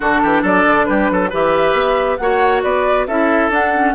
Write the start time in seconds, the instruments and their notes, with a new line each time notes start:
0.00 bassoon D3, clarinet D4, oboe F#4, flute A4
0.23 bassoon E3, oboe G4
0.41 bassoon F#3, oboe A4, flute D5
0.66 bassoon D3
0.85 bassoon G3, oboe G4, flute B4
1.10 bassoon F#3, oboe A4
1.29 bassoon E3, clarinet G4, oboe B4, flute E5
1.73 bassoon B3
2.17 bassoon A#3, clarinet F#4, oboe C#5, flute F#5
2.63 bassoon B3, oboe B4, flute D5
3.07 bassoon C#4, clarinet E4, oboe A4, flute E5
3.49 bassoon D4, clarinet D4, flute F#5
3.74 clarinet C#4